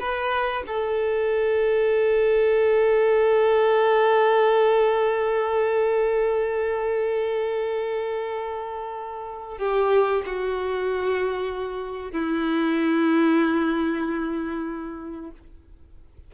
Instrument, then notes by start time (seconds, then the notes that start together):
violin
0.00 B4
0.67 A4
9.59 G4
10.26 F#4
12.12 E4